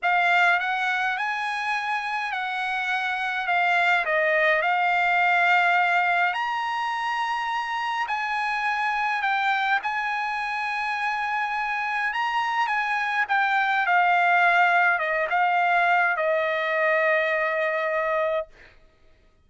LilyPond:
\new Staff \with { instrumentName = "trumpet" } { \time 4/4 \tempo 4 = 104 f''4 fis''4 gis''2 | fis''2 f''4 dis''4 | f''2. ais''4~ | ais''2 gis''2 |
g''4 gis''2.~ | gis''4 ais''4 gis''4 g''4 | f''2 dis''8 f''4. | dis''1 | }